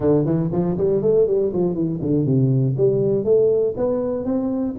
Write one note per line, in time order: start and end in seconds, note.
0.00 0.25 D3
0.25 0.50 E3
0.52 0.77 F3
0.77 1.02 G3
1.02 1.27 A3
1.27 1.52 G3
1.53 1.74 F3
1.74 1.99 E3
2.01 2.25 D3
2.25 2.75 C3
2.77 3.24 G3
3.24 3.74 A3
3.76 4.25 B3
4.25 4.75 C4